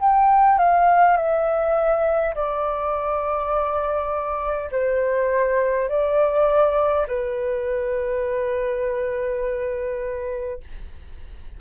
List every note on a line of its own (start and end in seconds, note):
0.00 0.59 G5
0.59 1.17 F5
1.17 2.35 E5
2.35 4.71 D5
4.71 5.89 C5
5.89 7.06 D5
7.08 10.61 B4